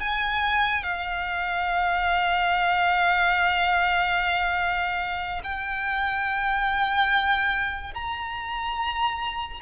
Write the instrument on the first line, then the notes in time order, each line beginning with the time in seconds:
violin
0.00 G#5
0.83 F5
5.44 G5
7.94 A#5